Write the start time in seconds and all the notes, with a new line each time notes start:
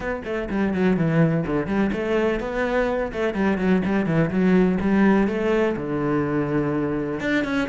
0.00 B3
0.24 A3
0.49 G3
0.73 F#3
0.96 E3
1.46 D3
1.66 G3
1.92 A3
2.40 B3
3.12 A3
3.34 G3
3.58 F#3
3.85 G3
4.06 E3
4.30 F#3
4.80 G3
5.27 A3
5.76 D3
7.20 D4
7.44 C#4